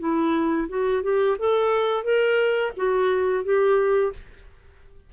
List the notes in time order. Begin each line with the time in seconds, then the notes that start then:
0.00 E4
0.69 F#4
1.03 G4
1.39 A4
2.04 A#4
2.77 F#4
3.45 G4